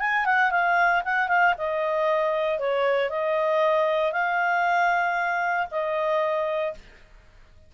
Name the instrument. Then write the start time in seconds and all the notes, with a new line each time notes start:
clarinet
0.00 G#5
0.26 F#5
0.51 F5
1.05 F#5
1.28 F5
1.58 D#5
2.59 C#5
3.10 D#5
4.12 F5
5.71 D#5